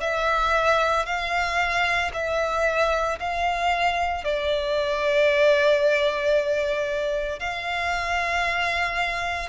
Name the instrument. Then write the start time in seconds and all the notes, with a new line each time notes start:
violin
0.00 E5
1.05 F5
2.13 E5
3.19 F5
4.24 D5
7.39 F5